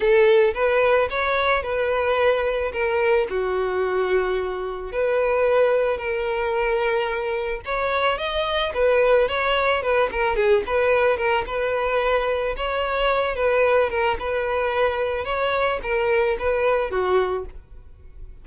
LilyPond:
\new Staff \with { instrumentName = "violin" } { \time 4/4 \tempo 4 = 110 a'4 b'4 cis''4 b'4~ | b'4 ais'4 fis'2~ | fis'4 b'2 ais'4~ | ais'2 cis''4 dis''4 |
b'4 cis''4 b'8 ais'8 gis'8 b'8~ | b'8 ais'8 b'2 cis''4~ | cis''8 b'4 ais'8 b'2 | cis''4 ais'4 b'4 fis'4 | }